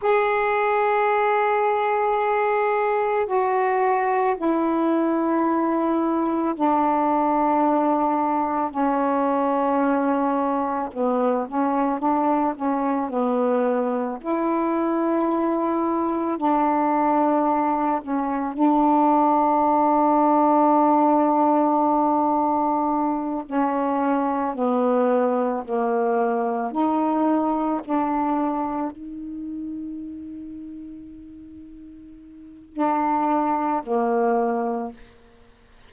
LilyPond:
\new Staff \with { instrumentName = "saxophone" } { \time 4/4 \tempo 4 = 55 gis'2. fis'4 | e'2 d'2 | cis'2 b8 cis'8 d'8 cis'8 | b4 e'2 d'4~ |
d'8 cis'8 d'2.~ | d'4. cis'4 b4 ais8~ | ais8 dis'4 d'4 dis'4.~ | dis'2 d'4 ais4 | }